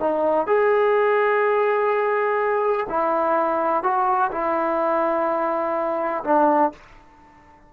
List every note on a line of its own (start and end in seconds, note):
0.00 0.47 D#4
0.47 2.87 G#4
2.89 3.83 E4
3.83 4.31 F#4
4.31 6.23 E4
6.24 6.72 D4